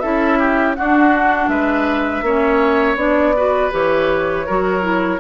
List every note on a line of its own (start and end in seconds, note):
0.00 0.78 C#4
0.00 0.77 E4
0.00 0.39 A4
0.00 0.74 E5
0.39 0.76 G4
0.75 2.26 D4
0.75 1.49 D4
0.75 1.50 F#4
0.75 1.49 F#5
1.49 2.22 G#3
1.49 2.25 B4
1.49 2.97 E5
2.22 2.96 A#3
2.22 2.98 C#4
2.22 3.36 C#5
2.96 3.71 B3
2.96 3.35 D4
2.96 3.72 D5
3.36 3.71 F#4
3.36 4.47 B4
3.71 4.48 E3
3.71 4.45 G4
3.71 5.20 C#5
4.47 5.20 F#3
4.47 4.82 F#4
4.47 5.20 A#4
4.82 5.19 E4